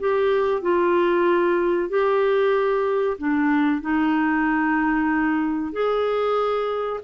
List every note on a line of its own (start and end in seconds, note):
0.00 0.62 G4
0.62 1.90 F4
1.90 3.17 G4
3.18 3.82 D4
3.82 5.73 D#4
5.73 7.00 G#4